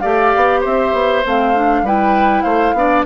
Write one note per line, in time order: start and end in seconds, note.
0.00 0.34 A3
0.00 1.24 G4
0.00 0.60 D5
0.00 0.61 F5
0.36 0.65 B3
0.60 0.93 C4
0.60 1.82 C5
0.60 1.25 E5
0.93 1.23 B3
1.25 1.83 A3
1.25 1.55 C4
1.25 1.86 F5
1.55 1.85 D4
1.83 2.43 G3
1.83 2.76 E4
1.83 2.43 B4
1.83 2.42 G5
2.42 2.74 A3
2.42 2.74 C5
2.42 3.03 F5
2.74 3.04 B3
2.74 3.06 D4
2.74 3.06 D5